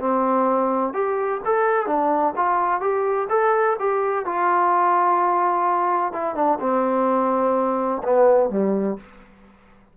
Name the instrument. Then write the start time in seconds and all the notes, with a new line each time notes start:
trombone
0.00 C4
0.94 G4
1.45 A4
1.87 D4
2.37 F4
2.81 G4
3.30 A4
3.80 G4
4.26 F4
6.13 E4
6.35 D4
6.61 C4
8.04 B3
8.50 G3